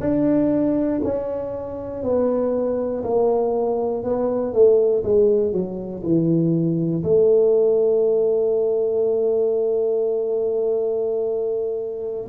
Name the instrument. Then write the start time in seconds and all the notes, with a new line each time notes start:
tuba
0.00 D4
1.04 C#4
2.03 B3
3.04 A#3
4.03 B3
4.53 A3
5.03 G#3
5.52 F#3
6.03 E3
7.03 A3